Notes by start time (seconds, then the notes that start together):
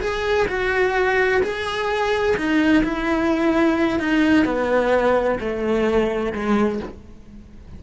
0.00 G#4
0.48 F#4
1.42 G#4
2.37 D#4
2.84 E4
3.99 D#4
4.45 B3
5.39 A3
6.33 G#3